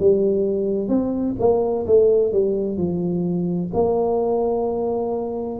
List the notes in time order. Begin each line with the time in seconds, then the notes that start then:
0.00 G3
0.89 C4
1.40 A#3
1.87 A3
2.33 G3
2.78 F3
3.74 A#3